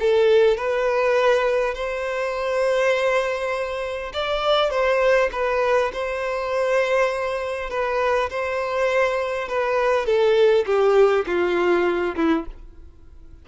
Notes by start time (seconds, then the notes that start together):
0.00 A4
0.58 B4
1.75 C5
4.14 D5
4.71 C5
5.33 B4
5.93 C5
7.71 B4
8.30 C5
9.49 B4
10.06 A4
10.66 G4
11.27 F4
12.16 E4